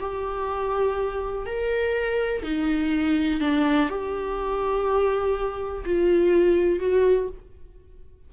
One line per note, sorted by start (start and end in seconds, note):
0.00 1.46 G4
1.46 2.43 A#4
2.43 3.40 D#4
3.40 3.89 D4
3.89 5.84 G4
5.85 6.79 F4
6.79 7.28 F#4